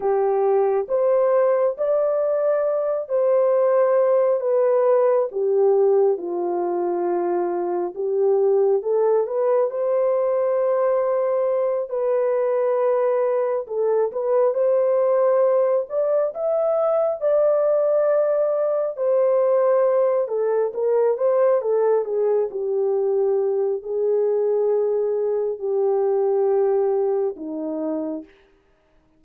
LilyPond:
\new Staff \with { instrumentName = "horn" } { \time 4/4 \tempo 4 = 68 g'4 c''4 d''4. c''8~ | c''4 b'4 g'4 f'4~ | f'4 g'4 a'8 b'8 c''4~ | c''4. b'2 a'8 |
b'8 c''4. d''8 e''4 d''8~ | d''4. c''4. a'8 ais'8 | c''8 a'8 gis'8 g'4. gis'4~ | gis'4 g'2 dis'4 | }